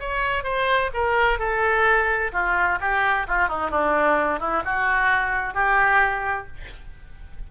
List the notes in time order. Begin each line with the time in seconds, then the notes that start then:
0.00 C#5
0.44 C5
0.94 A#4
1.39 A4
2.32 F4
2.80 G4
3.27 F4
3.48 D#4
3.70 D4
4.40 E4
4.65 F#4
5.54 G4